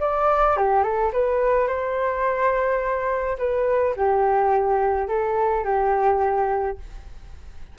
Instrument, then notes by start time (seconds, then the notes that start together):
flute
0.00 D5
0.57 G4
0.83 A4
1.13 B4
1.67 C5
3.38 B4
3.96 G4
5.08 A4
5.64 G4